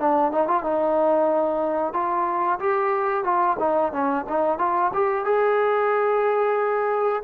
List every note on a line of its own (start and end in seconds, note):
0.00 0.32 D4
0.32 0.48 D#4
0.48 0.64 F4
0.64 1.94 D#4
1.94 2.60 F4
2.60 3.24 G4
3.24 3.57 F4
3.60 3.93 D#4
3.93 4.26 C#4
4.29 4.59 D#4
4.59 4.92 F4
4.94 5.25 G4
5.25 7.23 G#4